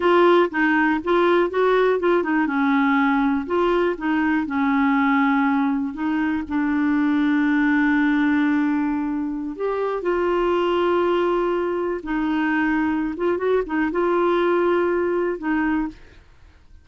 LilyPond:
\new Staff \with { instrumentName = "clarinet" } { \time 4/4 \tempo 4 = 121 f'4 dis'4 f'4 fis'4 | f'8 dis'8 cis'2 f'4 | dis'4 cis'2. | dis'4 d'2.~ |
d'2.~ d'16 g'8.~ | g'16 f'2.~ f'8.~ | f'16 dis'2~ dis'16 f'8 fis'8 dis'8 | f'2. dis'4 | }